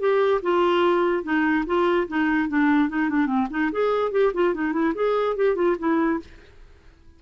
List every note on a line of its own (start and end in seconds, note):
0.00 0.41 G4
0.43 1.24 F4
1.24 1.65 D#4
1.66 2.08 F4
2.08 2.49 D#4
2.49 2.90 D4
2.90 3.10 D#4
3.10 3.27 D4
3.27 3.48 C4
3.51 3.71 D#4
3.72 4.12 G#4
4.12 4.33 G4
4.34 4.55 F4
4.55 4.73 D#4
4.73 4.94 E4
4.95 5.36 G#4
5.36 5.56 G4
5.56 5.76 F4
5.79 6.20 E4